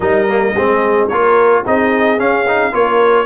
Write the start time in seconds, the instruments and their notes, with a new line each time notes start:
0.00 tuba G3, trombone D#4, horn A#4, trumpet D#5
0.27 trombone A#3
0.55 tuba G#3, trombone C4, horn G#4
1.08 tuba A#3, trombone F4, horn A#4, trumpet C#5
1.64 tuba C4, trombone D#4, horn G#4, trumpet D#5
2.18 trombone C#4, tuba C#4, trumpet F5
2.47 trombone D#4
2.71 tuba A#3, trombone F4, horn A#4, trumpet C#5